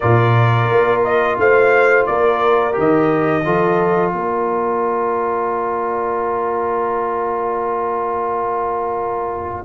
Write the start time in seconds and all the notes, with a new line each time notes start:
0.00 A#2 F4 A#4 D5
0.71 A#3
1.03 D#5
1.38 A3 C5 F5
2.06 A#3 A#4 D5
2.72 D#3 G4
2.79 D#5
3.44 F3 F4 A4
4.12 A#3 A#4 D5